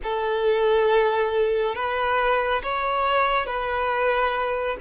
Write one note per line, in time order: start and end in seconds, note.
0.03 1.75 A4
1.75 2.62 B4
2.62 3.46 C#5
3.46 4.76 B4